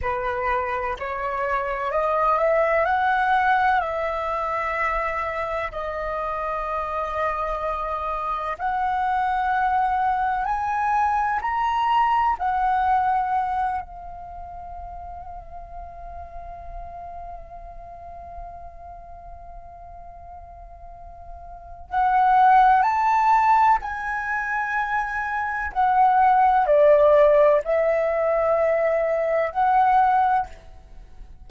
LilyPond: \new Staff \with { instrumentName = "flute" } { \time 4/4 \tempo 4 = 63 b'4 cis''4 dis''8 e''8 fis''4 | e''2 dis''2~ | dis''4 fis''2 gis''4 | ais''4 fis''4. f''4.~ |
f''1~ | f''2. fis''4 | a''4 gis''2 fis''4 | d''4 e''2 fis''4 | }